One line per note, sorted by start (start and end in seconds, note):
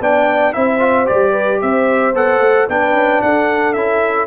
0.00 0.54 B3
0.00 0.53 D4
0.00 0.54 D5
0.00 0.53 G5
0.53 1.09 C4
0.53 0.79 E4
0.53 1.31 C5
0.53 1.06 E5
0.79 1.05 F4
1.05 1.62 G3
1.05 2.12 G4
1.05 1.60 D5
1.31 1.58 B4
1.61 2.13 C4
1.61 2.70 C5
1.61 2.15 E5
2.13 2.40 B3
2.13 2.68 A4
2.13 2.69 F#5
2.40 2.67 A3
2.68 2.93 B3
2.68 3.75 D4
2.68 3.23 B4
2.68 3.22 G5
2.93 3.20 C#4
3.22 3.75 D4
3.22 4.27 A4
3.22 3.73 F#5
3.73 4.27 C#4
3.73 4.27 E4
3.73 4.26 E5